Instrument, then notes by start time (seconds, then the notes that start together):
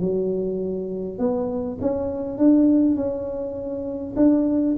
tuba
0.00 F#3
1.19 B3
1.81 C#4
2.38 D4
2.95 C#4
4.16 D4